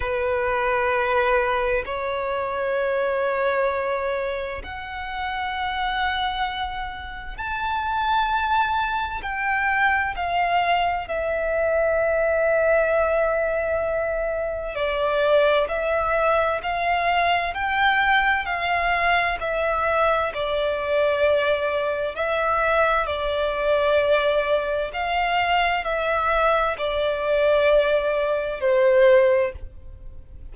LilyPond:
\new Staff \with { instrumentName = "violin" } { \time 4/4 \tempo 4 = 65 b'2 cis''2~ | cis''4 fis''2. | a''2 g''4 f''4 | e''1 |
d''4 e''4 f''4 g''4 | f''4 e''4 d''2 | e''4 d''2 f''4 | e''4 d''2 c''4 | }